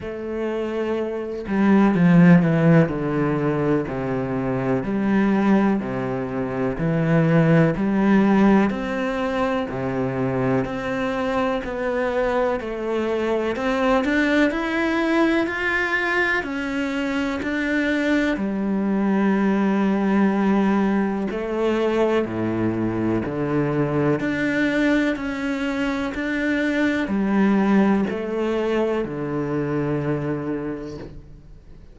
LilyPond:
\new Staff \with { instrumentName = "cello" } { \time 4/4 \tempo 4 = 62 a4. g8 f8 e8 d4 | c4 g4 c4 e4 | g4 c'4 c4 c'4 | b4 a4 c'8 d'8 e'4 |
f'4 cis'4 d'4 g4~ | g2 a4 a,4 | d4 d'4 cis'4 d'4 | g4 a4 d2 | }